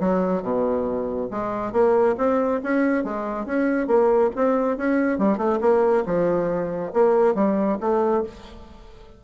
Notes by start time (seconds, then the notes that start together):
0.00 F#3
0.42 B2
1.31 G#3
1.72 A#3
2.18 C4
2.63 C#4
3.04 G#3
3.45 C#4
3.87 A#3
4.35 C4
4.77 C#4
5.18 G3
5.37 A3
5.61 A#3
6.06 F3
6.93 A#3
7.35 G3
7.80 A3